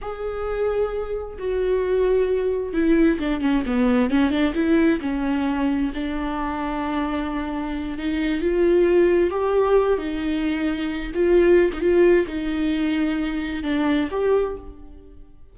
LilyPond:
\new Staff \with { instrumentName = "viola" } { \time 4/4 \tempo 4 = 132 gis'2. fis'4~ | fis'2 e'4 d'8 cis'8 | b4 cis'8 d'8 e'4 cis'4~ | cis'4 d'2.~ |
d'4. dis'4 f'4.~ | f'8 g'4. dis'2~ | dis'8 f'4~ f'16 dis'16 f'4 dis'4~ | dis'2 d'4 g'4 | }